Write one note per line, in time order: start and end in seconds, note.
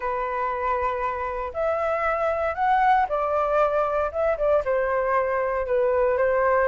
0.00 1.52 B4
1.53 2.55 E5
2.55 3.06 F#5
3.08 4.11 D5
4.11 4.37 E5
4.37 4.63 D5
4.64 5.66 C5
5.66 6.17 B4
6.17 6.68 C5